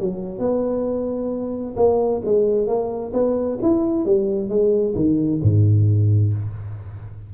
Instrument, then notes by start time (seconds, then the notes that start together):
tuba
0.00 F#3
0.39 B3
1.76 A#3
2.25 G#3
2.67 A#3
3.13 B3
3.62 E4
4.05 G3
4.49 G#3
4.95 D#3
5.42 G#2